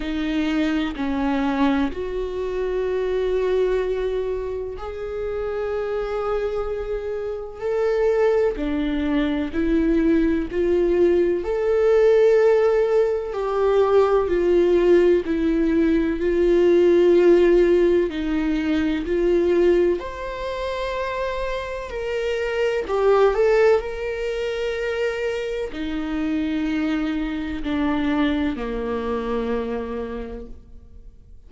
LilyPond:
\new Staff \with { instrumentName = "viola" } { \time 4/4 \tempo 4 = 63 dis'4 cis'4 fis'2~ | fis'4 gis'2. | a'4 d'4 e'4 f'4 | a'2 g'4 f'4 |
e'4 f'2 dis'4 | f'4 c''2 ais'4 | g'8 a'8 ais'2 dis'4~ | dis'4 d'4 ais2 | }